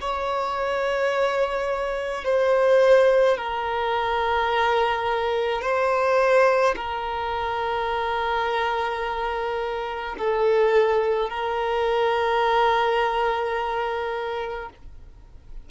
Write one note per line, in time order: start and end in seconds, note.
0.00 2.24 C#5
2.24 3.37 C5
3.37 5.61 A#4
5.61 6.74 C5
6.76 10.15 A#4
10.18 11.29 A4
11.29 14.69 A#4